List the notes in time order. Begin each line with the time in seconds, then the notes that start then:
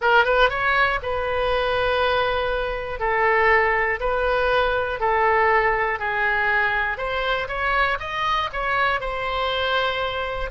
0.01 A#4
0.25 B4
0.49 C#5
1.02 B4
2.99 A4
4.00 B4
5.00 A4
5.99 G#4
6.97 C5
7.48 C#5
7.99 D#5
8.52 C#5
9.00 C5